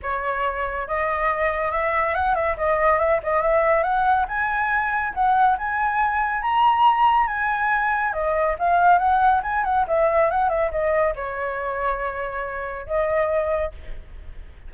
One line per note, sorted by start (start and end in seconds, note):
0.02 0.87 C#5
0.87 1.71 D#5
1.71 2.14 E5
2.14 2.35 F#5
2.35 2.56 E5
2.57 2.98 D#5
2.98 3.20 E5
3.23 3.42 D#5
3.42 3.83 E5
3.83 4.26 F#5
4.28 5.13 G#5
5.14 5.57 F#5
5.57 6.42 G#5
6.42 7.27 A#5
7.27 8.13 G#5
8.13 8.55 D#5
8.58 8.98 F5
8.98 9.41 F#5
9.42 9.64 G#5
9.64 9.85 F#5
9.87 10.30 E5
10.30 10.49 F#5
10.49 10.70 E5
10.71 11.14 D#5
11.15 12.86 C#5
12.86 13.72 D#5